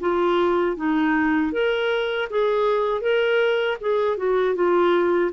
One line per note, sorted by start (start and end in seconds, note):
0.00 0.76 F4
0.76 1.52 D#4
1.52 2.28 A#4
2.30 3.01 G#4
3.01 3.77 A#4
3.81 4.17 G#4
4.17 4.55 F#4
4.55 5.31 F4